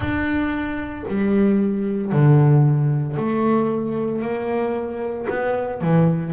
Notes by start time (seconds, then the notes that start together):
0.00 D4
1.08 G3
2.11 D3
3.16 A3
4.21 A#3
5.29 B3
5.81 E3